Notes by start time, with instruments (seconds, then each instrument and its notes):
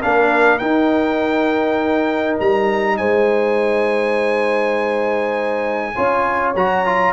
0.00 tuba A#3, trombone D4, horn A#4, trumpet F5
0.58 trombone D#4, tuba D#4, trumpet G5
2.40 tuba G3, trumpet A#5
2.97 tuba G#3, horn C5, trumpet G#5
5.95 tuba C#4, trombone F4, horn C#5
6.55 tuba F#3, trombone F#4, trumpet A#5
6.85 trombone F4